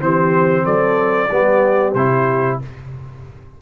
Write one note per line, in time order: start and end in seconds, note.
0.00 0.65 E3
0.00 1.29 C4
0.00 0.64 G4
0.00 0.65 C5
0.64 1.29 F#3
0.64 1.28 A4
0.64 1.94 D5
1.30 1.94 G3
1.30 1.95 B3
1.30 2.60 G4
1.94 2.58 C3
1.94 2.61 E4
1.94 2.58 C5